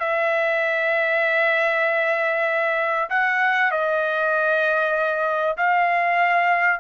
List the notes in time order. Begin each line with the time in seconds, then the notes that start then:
0.00 E5
3.10 F#5
3.72 D#5
5.58 F5